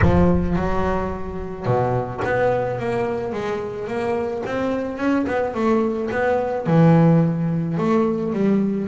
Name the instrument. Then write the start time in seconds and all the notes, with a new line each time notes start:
double bass
0.02 F3
0.56 F#3
1.65 B2
2.24 B3
2.79 A#3
3.32 G#3
3.87 A#3
4.46 C4
4.97 C#4
5.26 B3
5.54 A3
6.11 B3
6.66 E3
7.77 A3
8.32 G3